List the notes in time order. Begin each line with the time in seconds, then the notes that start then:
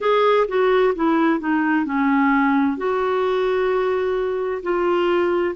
0.00 G#4
0.47 F#4
0.95 E4
1.39 D#4
1.85 C#4
2.77 F#4
4.62 F4